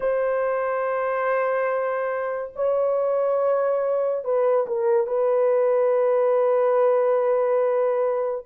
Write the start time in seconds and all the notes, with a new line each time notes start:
0.00 C5
2.55 C#5
4.24 B4
4.67 A#4
5.06 B4